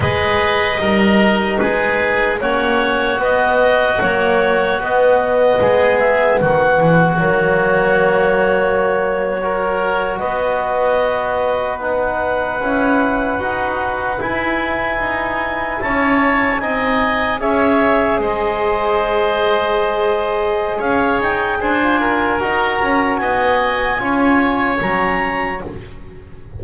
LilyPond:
<<
  \new Staff \with { instrumentName = "clarinet" } { \time 4/4 \tempo 4 = 75 dis''2 b'4 cis''4 | dis''4 cis''4 dis''4. e''8 | fis''4 cis''2.~ | cis''8. dis''2 fis''4~ fis''16~ |
fis''4.~ fis''16 gis''2 a''16~ | a''8. gis''4 e''4 dis''4~ dis''16~ | dis''2 f''8 g''8 gis''4 | ais''4 gis''2 ais''4 | }
  \new Staff \with { instrumentName = "oboe" } { \time 4/4 b'4 ais'4 gis'4 fis'4~ | fis'2. gis'4 | fis'2.~ fis'8. ais'16~ | ais'8. b'2.~ b'16~ |
b'2.~ b'8. cis''16~ | cis''8. dis''4 cis''4 c''4~ c''16~ | c''2 cis''4 c''8 ais'8~ | ais'4 dis''4 cis''2 | }
  \new Staff \with { instrumentName = "trombone" } { \time 4/4 gis'4 dis'2 cis'4 | b4 fis4 b2~ | b4 ais2~ ais8. fis'16~ | fis'2~ fis'8. dis'4 e'16~ |
e'8. fis'4 e'2~ e'16~ | e'8. dis'4 gis'2~ gis'16~ | gis'2.~ gis'16 f'8. | fis'2 f'4 cis'4 | }
  \new Staff \with { instrumentName = "double bass" } { \time 4/4 gis4 g4 gis4 ais4 | b4 ais4 b4 gis4 | dis8 e8 fis2.~ | fis8. b2. cis'16~ |
cis'8. dis'4 e'4 dis'4 cis'16~ | cis'8. c'4 cis'4 gis4~ gis16~ | gis2 cis'8 dis'8 d'4 | dis'8 cis'8 b4 cis'4 fis4 | }
>>